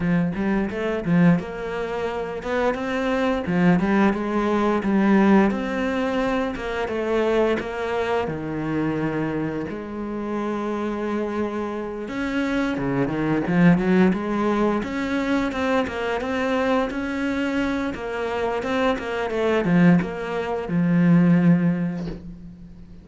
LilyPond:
\new Staff \with { instrumentName = "cello" } { \time 4/4 \tempo 4 = 87 f8 g8 a8 f8 ais4. b8 | c'4 f8 g8 gis4 g4 | c'4. ais8 a4 ais4 | dis2 gis2~ |
gis4. cis'4 cis8 dis8 f8 | fis8 gis4 cis'4 c'8 ais8 c'8~ | c'8 cis'4. ais4 c'8 ais8 | a8 f8 ais4 f2 | }